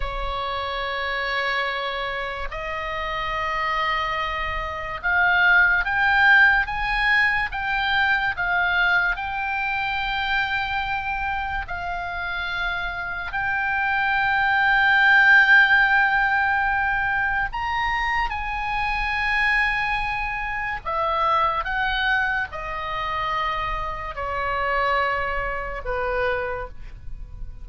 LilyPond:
\new Staff \with { instrumentName = "oboe" } { \time 4/4 \tempo 4 = 72 cis''2. dis''4~ | dis''2 f''4 g''4 | gis''4 g''4 f''4 g''4~ | g''2 f''2 |
g''1~ | g''4 ais''4 gis''2~ | gis''4 e''4 fis''4 dis''4~ | dis''4 cis''2 b'4 | }